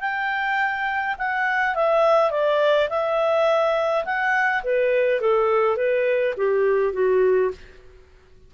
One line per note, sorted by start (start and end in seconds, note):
0.00 1.15 G5
1.18 1.75 F#5
1.75 2.31 E5
2.31 2.88 D5
2.89 4.05 E5
4.05 4.63 F#5
4.63 5.21 B4
5.21 5.77 A4
5.77 6.34 B4
6.37 6.93 G4
6.93 7.51 F#4